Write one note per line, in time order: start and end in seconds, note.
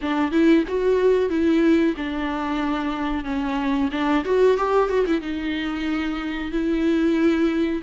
0.01 0.31 D4
0.31 0.64 E4
0.68 1.29 F#4
1.29 1.94 E4
1.96 3.24 D4
3.24 3.89 C#4
3.91 4.24 D4
4.25 4.57 F#4
4.57 4.89 G4
4.89 5.05 F#4
5.06 5.21 E4
5.21 6.51 D#4
6.51 7.82 E4